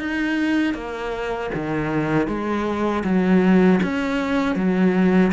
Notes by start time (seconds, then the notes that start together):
0.00 D#4
0.75 A#3
1.55 D#3
2.28 G#3
3.04 F#3
3.84 C#4
4.56 F#3